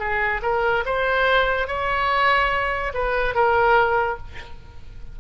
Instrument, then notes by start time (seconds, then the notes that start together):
oboe
0.00 G#4
0.43 A#4
0.86 C5
1.68 C#5
2.94 B4
3.35 A#4